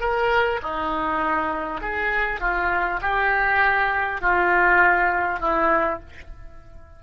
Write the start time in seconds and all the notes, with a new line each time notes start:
0.00 A#4
0.62 D#4
1.81 G#4
2.40 F4
3.01 G4
4.21 F4
5.39 E4